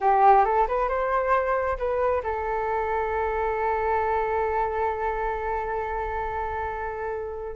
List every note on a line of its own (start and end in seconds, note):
0.00 0.44 G4
0.44 0.67 A4
0.67 0.88 B4
0.88 1.77 C5
1.77 2.22 B4
2.23 7.55 A4